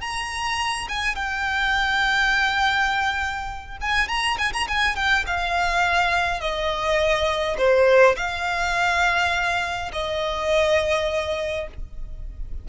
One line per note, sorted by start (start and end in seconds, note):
0.00 0.87 A#5
0.88 1.15 G#5
1.15 3.77 G5
3.80 4.08 G#5
4.08 4.37 A#5
4.38 4.52 G#5
4.53 4.67 A#5
4.67 4.95 G#5
4.95 5.25 G5
5.26 6.40 F5
6.40 7.56 D#5
7.57 8.16 C5
8.16 9.91 F5
9.92 11.67 D#5